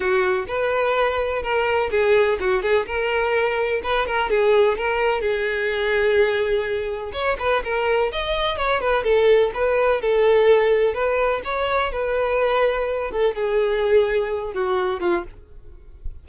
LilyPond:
\new Staff \with { instrumentName = "violin" } { \time 4/4 \tempo 4 = 126 fis'4 b'2 ais'4 | gis'4 fis'8 gis'8 ais'2 | b'8 ais'8 gis'4 ais'4 gis'4~ | gis'2. cis''8 b'8 |
ais'4 dis''4 cis''8 b'8 a'4 | b'4 a'2 b'4 | cis''4 b'2~ b'8 a'8 | gis'2~ gis'8 fis'4 f'8 | }